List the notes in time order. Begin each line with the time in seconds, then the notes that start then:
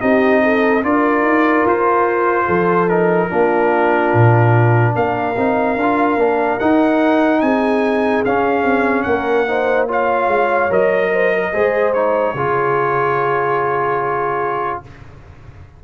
0.00 C4 D#4 G4 D#5
0.43 A4
0.83 D4 F4 A#4 D5
1.22 D#4
1.65 F4 C5
2.46 F3 A4
2.89 D#4 A#4
3.30 A#3 D4 F4
4.14 A#2
4.95 A#3 A#4 F5
5.37 C4 D#4
5.76 D4
5.83 F4
6.17 A#3 D4
6.60 D#4 F#5
7.41 C4 G#4 G#5
8.25 C#4 F5
8.63 C4
9.03 A#3 A#4 F#5
9.48 D#4 C5
9.88 F4 C#5 F5
10.28 G#3
10.70 F#3 A#4 D#5
11.13 C5
11.34 A#4
11.53 G#3 G#4 C5
11.93 D#4 C#5
12.34 C#3 F4 G#4